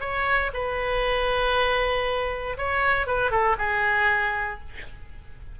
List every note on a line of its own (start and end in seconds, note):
0.00 0.51 C#5
0.53 2.57 B4
2.57 3.06 C#5
3.06 3.31 B4
3.31 3.56 A4
3.58 4.60 G#4